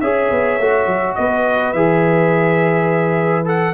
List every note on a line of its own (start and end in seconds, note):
0.00 0.30 C#4
0.00 0.60 G#4
0.00 1.17 C#5
0.00 1.15 E5
0.30 0.59 B3
0.59 0.86 A3
0.59 1.75 F#4
0.86 1.15 F#3
1.15 1.73 B3
1.15 3.74 B4
1.15 1.73 D#5
1.73 3.74 E3
1.73 3.44 G#4
1.73 3.46 E5
3.44 3.73 A4
3.44 3.74 F#5